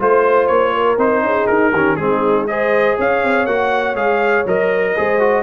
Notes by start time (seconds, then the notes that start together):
0.00 A3 F4 C5
0.47 A#3 C#5
0.74 A#4
0.98 C4 D#4 C5
1.22 C#4 G#4
1.47 D#4 A#4
1.72 D#3 C#4 G4
1.96 G#3 C4 D#4 G#4
2.48 G#4 C5 D#5
2.98 C#4 C#5 F5
3.24 C4
3.46 A#3 F#4 F#5
3.95 G#3 G#4 F5
4.46 F#3 A#4 D#5
4.96 G#3 G#4 C5
5.20 F#4